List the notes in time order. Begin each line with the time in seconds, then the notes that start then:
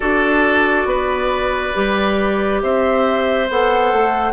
0.00 D4 F#4 A4 D5
0.85 B3 B4
1.73 G3 G4
2.62 C4 C5 E5
3.49 B3 A4 F#5
3.92 A3